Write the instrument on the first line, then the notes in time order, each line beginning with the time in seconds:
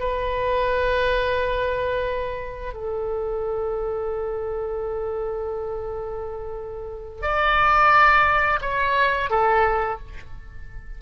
oboe
0.00 B4
2.74 A4
7.22 D5
8.62 C#5
9.30 A4